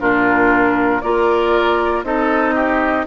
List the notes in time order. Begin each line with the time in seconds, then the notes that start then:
0.00 A#2 D4 F4 A#4
1.01 A#3 F4 A#4 D5
2.03 C4 D#4 A4 D#5
2.55 G4